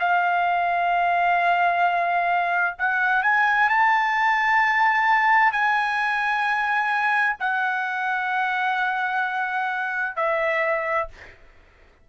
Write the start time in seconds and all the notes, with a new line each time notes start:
0.00 F5
2.79 F#5
3.23 G#5
3.70 A5
5.52 G#5
7.40 F#5
10.16 E5